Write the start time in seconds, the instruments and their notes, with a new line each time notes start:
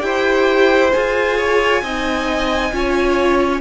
0.00 cello E4, viola G4, violin C5 G5
0.92 cello F4, viola G#4, violin G#5
1.37 violin C#5
1.82 cello C4, viola D#4, violin D#5
2.72 cello C#4, viola F4, violin C#5